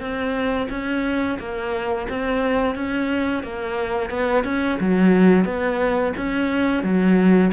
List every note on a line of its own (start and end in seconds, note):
0.00 0.68 C4
0.70 1.39 C#4
1.39 2.08 A#3
2.09 2.76 C4
2.76 3.43 C#4
3.43 4.10 A#3
4.10 4.44 B3
4.44 4.79 C#4
4.80 5.45 F#3
5.45 6.13 B3
6.17 6.83 C#4
6.83 7.52 F#3